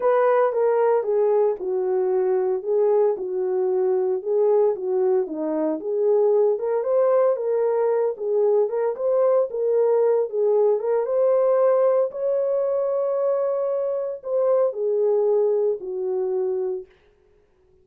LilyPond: \new Staff \with { instrumentName = "horn" } { \time 4/4 \tempo 4 = 114 b'4 ais'4 gis'4 fis'4~ | fis'4 gis'4 fis'2 | gis'4 fis'4 dis'4 gis'4~ | gis'8 ais'8 c''4 ais'4. gis'8~ |
gis'8 ais'8 c''4 ais'4. gis'8~ | gis'8 ais'8 c''2 cis''4~ | cis''2. c''4 | gis'2 fis'2 | }